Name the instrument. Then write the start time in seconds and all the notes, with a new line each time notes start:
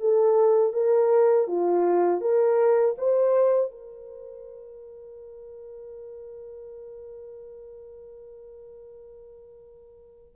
horn
0.00 A4
0.73 A#4
1.47 F4
2.21 A#4
2.98 C5
3.71 A#4